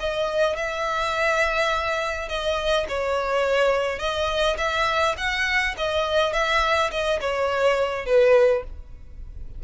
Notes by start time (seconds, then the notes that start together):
0.00 D#5
0.56 E5
2.29 D#5
2.89 C#5
3.99 D#5
4.58 E5
5.18 F#5
5.78 D#5
6.33 E5
6.91 D#5
7.21 C#5
8.06 B4